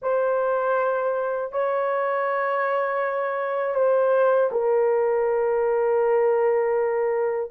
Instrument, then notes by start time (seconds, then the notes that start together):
horn
0.02 C5
1.51 C#5
3.75 C5
4.51 A#4